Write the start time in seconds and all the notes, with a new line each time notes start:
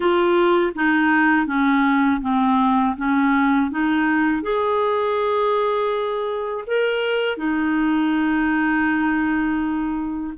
0.00 F4
0.75 D#4
1.46 C#4
2.21 C4
2.96 C#4
3.70 D#4
4.42 G#4
6.66 A#4
7.37 D#4